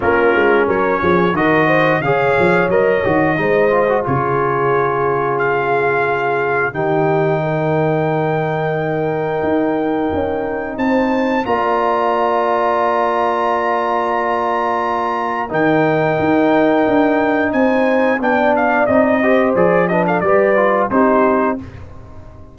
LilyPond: <<
  \new Staff \with { instrumentName = "trumpet" } { \time 4/4 \tempo 4 = 89 ais'4 cis''4 dis''4 f''4 | dis''2 cis''2 | f''2 g''2~ | g''1 |
a''4 ais''2.~ | ais''2. g''4~ | g''2 gis''4 g''8 f''8 | dis''4 d''8 dis''16 f''16 d''4 c''4 | }
  \new Staff \with { instrumentName = "horn" } { \time 4/4 f'4 ais'8 gis'8 ais'8 c''8 cis''4~ | cis''4 c''4 gis'2~ | gis'2 g'4 ais'4~ | ais'1 |
c''4 d''2.~ | d''2. ais'4~ | ais'2 c''4 d''4~ | d''8 c''4 b'16 a'16 b'4 g'4 | }
  \new Staff \with { instrumentName = "trombone" } { \time 4/4 cis'2 fis'4 gis'4 | ais'8 fis'8 dis'8 f'16 fis'16 f'2~ | f'2 dis'2~ | dis'1~ |
dis'4 f'2.~ | f'2. dis'4~ | dis'2. d'4 | dis'8 g'8 gis'8 d'8 g'8 f'8 dis'4 | }
  \new Staff \with { instrumentName = "tuba" } { \time 4/4 ais8 gis8 fis8 f8 dis4 cis8 f8 | fis8 dis8 gis4 cis2~ | cis2 dis2~ | dis2 dis'4 cis'4 |
c'4 ais2.~ | ais2. dis4 | dis'4 d'4 c'4 b4 | c'4 f4 g4 c'4 | }
>>